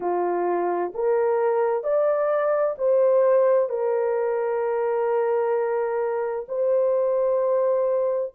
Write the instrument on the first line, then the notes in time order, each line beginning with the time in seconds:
horn
0.00 F4
0.94 A#4
1.83 D5
2.78 C5
3.69 A#4
6.48 C5